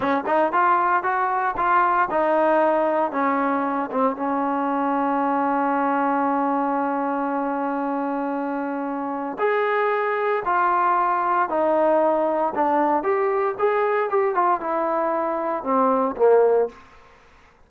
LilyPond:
\new Staff \with { instrumentName = "trombone" } { \time 4/4 \tempo 4 = 115 cis'8 dis'8 f'4 fis'4 f'4 | dis'2 cis'4. c'8 | cis'1~ | cis'1~ |
cis'2 gis'2 | f'2 dis'2 | d'4 g'4 gis'4 g'8 f'8 | e'2 c'4 ais4 | }